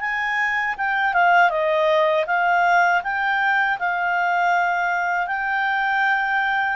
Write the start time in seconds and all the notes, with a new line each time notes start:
0.00 G#5
0.77 G5
1.13 F5
1.50 D#5
2.26 F5
3.03 G5
3.79 F5
5.27 G5